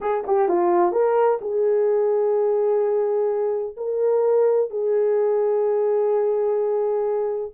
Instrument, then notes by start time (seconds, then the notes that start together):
horn
0.01 G#4
0.26 G4
0.48 F4
0.91 A#4
1.41 G#4
3.76 A#4
4.70 G#4